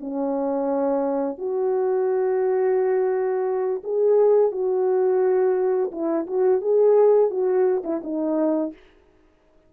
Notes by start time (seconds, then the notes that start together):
0.00 C#4
1.38 F#4
3.84 G#4
4.52 F#4
5.91 E4
6.27 F#4
6.61 G#4
7.30 F#4
7.84 E4
8.03 D#4